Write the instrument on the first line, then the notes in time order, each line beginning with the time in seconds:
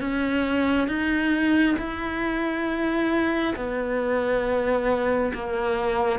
cello
0.00 C#4
0.87 D#4
1.78 E4
3.55 B3
5.34 A#3